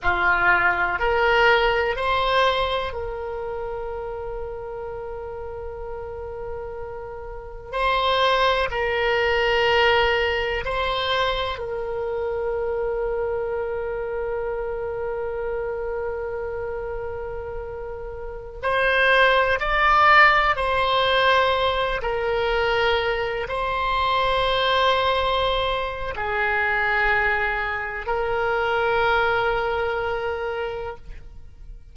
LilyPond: \new Staff \with { instrumentName = "oboe" } { \time 4/4 \tempo 4 = 62 f'4 ais'4 c''4 ais'4~ | ais'1 | c''4 ais'2 c''4 | ais'1~ |
ais'2.~ ais'16 c''8.~ | c''16 d''4 c''4. ais'4~ ais'16~ | ais'16 c''2~ c''8. gis'4~ | gis'4 ais'2. | }